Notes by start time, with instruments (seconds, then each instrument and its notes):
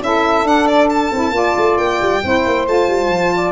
0.00 tuba C#4, saxophone E4 A4, violin E5
0.44 tuba D4, saxophone D4, violin F#5
0.67 violin D5
0.90 violin A5
1.12 tuba C4, saxophone E4
1.31 tuba A#3, saxophone F4 D5
1.57 tuba A3
1.77 tuba A#3, violin G5
2.01 tuba G3
2.24 tuba C4, saxophone E4 C5
2.46 tuba A#3
2.67 tuba A3, saxophone F4, violin A5
2.88 tuba G3
3.09 tuba F3
3.35 saxophone D5